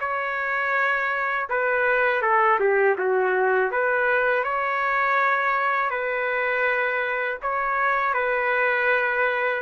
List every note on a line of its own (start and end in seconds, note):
0.00 1.48 C#5
1.49 2.22 B4
2.22 2.59 A4
2.60 2.97 G4
2.98 3.71 F#4
3.71 4.44 B4
4.44 5.90 C#5
5.90 7.38 B4
7.42 8.14 C#5
8.14 9.62 B4